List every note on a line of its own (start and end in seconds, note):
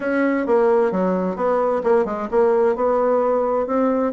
0.00 0.46 C#4
0.46 0.91 A#3
0.91 1.36 F#3
1.36 1.82 B3
1.83 2.05 A#3
2.05 2.28 G#3
2.30 2.75 A#3
2.75 3.66 B3
3.66 4.12 C4